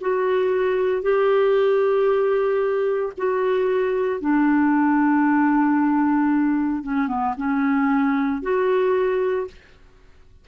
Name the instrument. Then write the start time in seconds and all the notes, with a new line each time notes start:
clarinet
0.00 F#4
1.02 G4
3.17 F#4
4.20 D4
6.82 C#4
7.08 B3
7.37 C#4
8.42 F#4